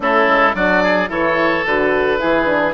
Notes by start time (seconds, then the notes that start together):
0.00 A3 C#4 E4 A4
0.27 G#3
0.54 F#3 D4 F#4 D5
0.83 G#4
1.08 E3 E4 A4 C#5
1.65 D3 F#4 B4
2.18 E3 E4 G#4
2.46 D4